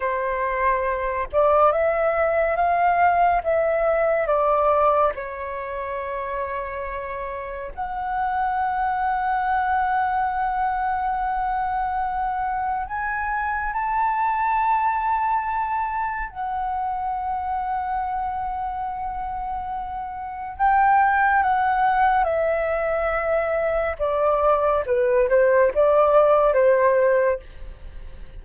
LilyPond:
\new Staff \with { instrumentName = "flute" } { \time 4/4 \tempo 4 = 70 c''4. d''8 e''4 f''4 | e''4 d''4 cis''2~ | cis''4 fis''2.~ | fis''2. gis''4 |
a''2. fis''4~ | fis''1 | g''4 fis''4 e''2 | d''4 b'8 c''8 d''4 c''4 | }